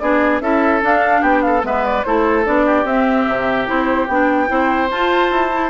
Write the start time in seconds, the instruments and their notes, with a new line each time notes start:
0.00 bassoon B3, clarinet D4, oboe G#4, flute D5
0.41 bassoon C#4, clarinet E4, oboe A4, flute E5
0.82 clarinet D4, bassoon D4, flute F5
1.22 bassoon B3, oboe G4, flute G5
1.42 oboe A4, flute F5
1.63 bassoon G#3, clarinet B3, oboe B4, flute E5
1.86 flute D5
2.04 bassoon A3, clarinet E4, oboe A4, flute C5
2.45 bassoon B3, clarinet D4, flute D5
2.66 oboe G4
2.84 bassoon C4, clarinet C4, flute E5
3.28 bassoon C3
3.66 bassoon C4, clarinet E4, flute C5
4.07 bassoon B3, clarinet D4, flute G5
4.48 bassoon C4, clarinet E4, oboe C5
4.91 bassoon F4, clarinet F4, flute A5
5.31 bassoon E4
5.52 clarinet E4